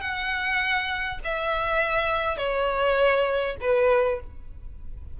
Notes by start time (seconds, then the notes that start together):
0.00 F#5
1.24 E5
2.37 C#5
3.60 B4